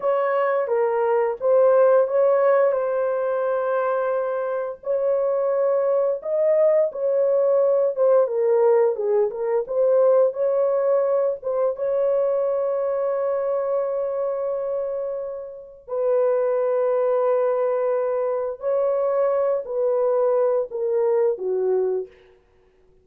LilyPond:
\new Staff \with { instrumentName = "horn" } { \time 4/4 \tempo 4 = 87 cis''4 ais'4 c''4 cis''4 | c''2. cis''4~ | cis''4 dis''4 cis''4. c''8 | ais'4 gis'8 ais'8 c''4 cis''4~ |
cis''8 c''8 cis''2.~ | cis''2. b'4~ | b'2. cis''4~ | cis''8 b'4. ais'4 fis'4 | }